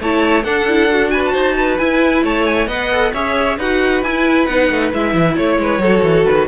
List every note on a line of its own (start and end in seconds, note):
0.00 0.44 A3
0.00 0.44 E4
0.00 0.44 C#5
0.00 0.44 A5
0.44 0.66 D4
0.44 1.34 D4
0.44 1.11 A4
0.44 1.10 F#5
0.68 0.90 E4
0.90 1.79 F#4
1.10 1.33 B4
1.10 1.22 G#5
1.25 1.78 A5
1.33 1.79 D#4
1.33 1.55 C5
1.57 2.24 B4
1.78 2.24 E4
1.78 2.69 E4
1.78 2.23 G#5
2.24 2.67 A3
2.24 2.68 C#5
2.24 2.46 A5
2.46 2.68 G#5
2.67 3.12 B3
2.67 2.92 B4
2.67 3.12 D#5
2.67 3.13 F#5
2.92 3.14 A4
3.13 3.58 C#4
3.13 3.60 G#4
3.13 3.57 C#5
3.13 3.59 E5
3.58 4.03 D#4
3.58 4.05 F#4
3.58 5.37 B4
3.58 4.03 F#5
4.03 4.47 E4
4.03 4.49 E4
4.03 4.46 G#5
4.46 4.70 B3
4.46 4.92 D#4
4.46 4.90 F#5
4.70 4.93 A3
4.92 5.14 G#3
4.92 5.82 E4
4.92 5.36 E5
5.14 5.36 E3
5.36 5.58 A3
5.36 6.25 C#5
5.36 5.60 C#5
5.58 5.79 G#3
5.58 5.82 B4
5.79 6.01 F#3
5.79 6.48 F#4
5.79 6.48 A4
6.03 6.25 E3
6.25 6.48 D#3
6.25 6.48 B4